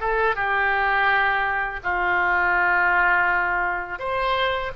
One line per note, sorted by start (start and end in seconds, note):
0.00 0.35 A4
0.35 1.80 G4
1.83 3.99 F4
3.99 4.71 C5